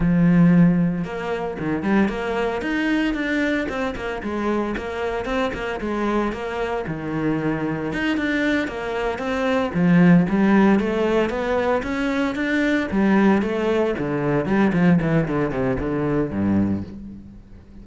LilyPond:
\new Staff \with { instrumentName = "cello" } { \time 4/4 \tempo 4 = 114 f2 ais4 dis8 g8 | ais4 dis'4 d'4 c'8 ais8 | gis4 ais4 c'8 ais8 gis4 | ais4 dis2 dis'8 d'8~ |
d'8 ais4 c'4 f4 g8~ | g8 a4 b4 cis'4 d'8~ | d'8 g4 a4 d4 g8 | f8 e8 d8 c8 d4 g,4 | }